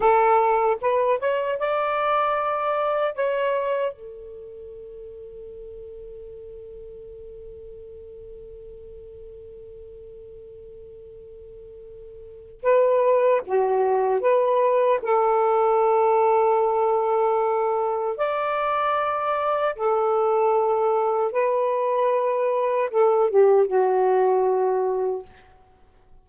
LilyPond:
\new Staff \with { instrumentName = "saxophone" } { \time 4/4 \tempo 4 = 76 a'4 b'8 cis''8 d''2 | cis''4 a'2.~ | a'1~ | a'1 |
b'4 fis'4 b'4 a'4~ | a'2. d''4~ | d''4 a'2 b'4~ | b'4 a'8 g'8 fis'2 | }